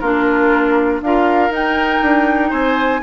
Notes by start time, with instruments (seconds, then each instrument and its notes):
0.00 bassoon A#3, clarinet D4, oboe F4, flute A#4
1.01 bassoon D4, clarinet F4, oboe A#4, flute F5
1.50 bassoon D#4, clarinet D#4, flute G5
2.01 bassoon D4
2.50 bassoon C4, oboe C5, flute G#5